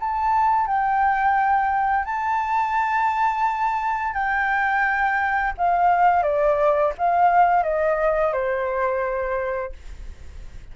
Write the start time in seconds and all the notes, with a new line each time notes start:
0.00 A5
0.67 G5
2.05 A5
4.14 G5
5.58 F5
6.23 D5
6.98 F5
7.63 D#5
8.33 C5